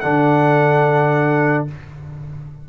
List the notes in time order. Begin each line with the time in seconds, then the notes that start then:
0.00 D3 D4 A4 F#5